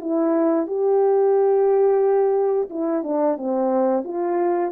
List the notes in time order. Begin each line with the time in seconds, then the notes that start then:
0.00 E4
0.66 G4
2.69 E4
3.03 D4
3.37 C4
4.04 F4